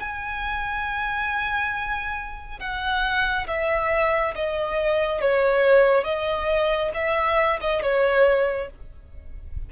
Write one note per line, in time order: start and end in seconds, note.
0.00 2.60 G#5
2.60 3.47 F#5
3.47 4.34 E5
4.35 5.21 D#5
5.21 6.04 C#5
6.04 6.91 D#5
6.94 7.60 E5
7.61 7.83 D#5
7.83 8.70 C#5